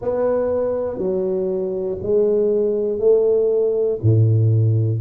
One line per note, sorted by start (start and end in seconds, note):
0.01 0.97 B3
0.97 1.97 F#3
2.02 2.99 G#3
2.99 3.99 A3
4.01 5.00 A2